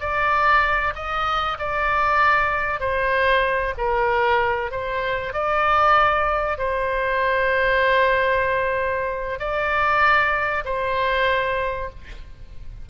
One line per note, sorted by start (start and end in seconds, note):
0.00 0.94 D5
0.95 1.58 D#5
1.59 2.80 D5
2.80 3.74 C5
3.78 4.71 A#4
4.71 5.33 C5
5.33 6.58 D5
6.58 9.39 C5
9.39 10.64 D5
10.65 11.90 C5